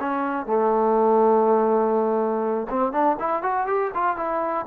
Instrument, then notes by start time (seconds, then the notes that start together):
trombone
0.00 C#4
0.46 A3
2.70 C4
2.92 D4
3.19 E4
3.42 F#4
3.67 G4
3.94 F4
4.16 E4